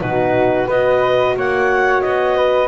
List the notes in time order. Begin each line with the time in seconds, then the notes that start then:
0.00 B2 D#4 F#4 B4
0.66 B3 F#4 B4 D#5
1.36 A#3 C#5 F#5
2.01 B3 D#5
2.36 B4